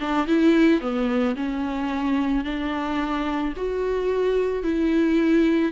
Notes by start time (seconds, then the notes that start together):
0.00 D4
0.27 E4
0.81 B3
1.36 C#4
2.45 D4
3.57 F#4
4.64 E4